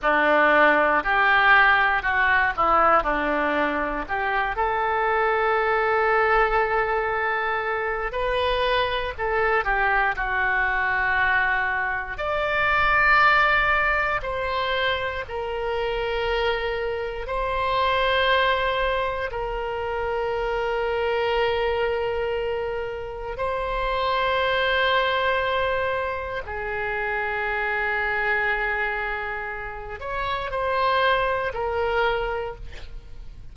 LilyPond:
\new Staff \with { instrumentName = "oboe" } { \time 4/4 \tempo 4 = 59 d'4 g'4 fis'8 e'8 d'4 | g'8 a'2.~ a'8 | b'4 a'8 g'8 fis'2 | d''2 c''4 ais'4~ |
ais'4 c''2 ais'4~ | ais'2. c''4~ | c''2 gis'2~ | gis'4. cis''8 c''4 ais'4 | }